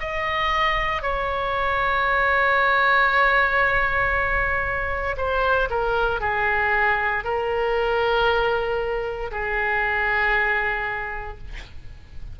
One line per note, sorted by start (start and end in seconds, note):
0.00 1.02 D#5
1.02 5.16 C#5
5.17 5.68 C5
5.70 6.20 A#4
6.20 7.24 G#4
7.24 9.31 A#4
9.31 11.38 G#4